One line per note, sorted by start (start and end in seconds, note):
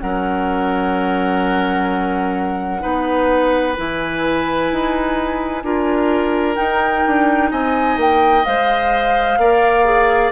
0.00 2.84 F#3
0.00 2.80 C#4
0.00 2.82 A#4
0.00 3.74 F#5
2.80 3.78 B3
2.80 3.74 D#4
2.80 5.63 B4
3.74 4.72 E3
3.74 5.64 E4
3.74 6.56 G#5
4.72 5.63 D#4
5.63 6.57 D4
5.63 6.55 F4
5.63 7.51 A#4
6.55 8.43 D#4
6.55 7.05 D#4
6.55 7.50 G5
7.07 7.52 D4
7.51 7.97 C4
7.51 9.39 D#5
7.51 7.98 G#5
7.97 8.44 A#3
7.97 8.45 G5
8.45 9.38 G#3
8.45 9.40 C5
8.45 10.32 F5
9.38 10.32 A#3
9.38 9.85 A#4
9.38 10.32 D5
9.85 10.32 G#4